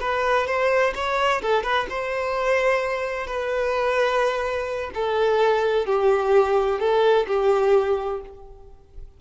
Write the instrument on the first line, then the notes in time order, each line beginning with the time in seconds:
violin
0.00 B4
0.47 C5
0.95 C#5
1.42 A4
1.63 B4
1.90 C5
3.27 B4
4.94 A4
5.86 G4
6.79 A4
7.27 G4